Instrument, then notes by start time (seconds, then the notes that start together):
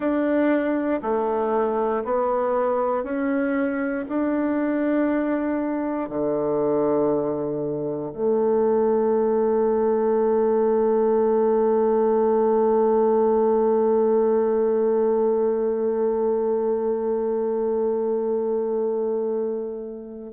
bassoon
0.00 D4
1.02 A3
2.04 B3
3.03 C#4
4.08 D4
6.09 D3
8.13 A3